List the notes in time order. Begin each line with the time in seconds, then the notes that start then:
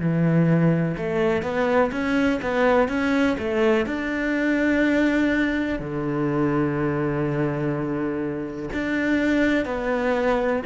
0.00 E3
0.98 A3
1.43 B3
1.92 C#4
2.42 B3
2.89 C#4
3.39 A3
3.86 D4
5.80 D3
8.73 D4
9.66 B3